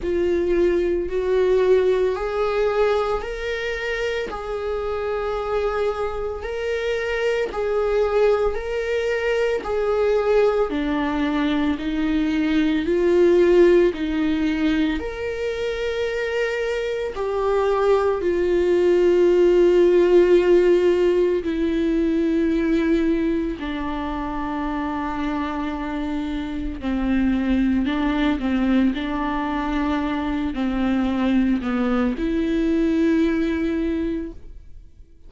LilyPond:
\new Staff \with { instrumentName = "viola" } { \time 4/4 \tempo 4 = 56 f'4 fis'4 gis'4 ais'4 | gis'2 ais'4 gis'4 | ais'4 gis'4 d'4 dis'4 | f'4 dis'4 ais'2 |
g'4 f'2. | e'2 d'2~ | d'4 c'4 d'8 c'8 d'4~ | d'8 c'4 b8 e'2 | }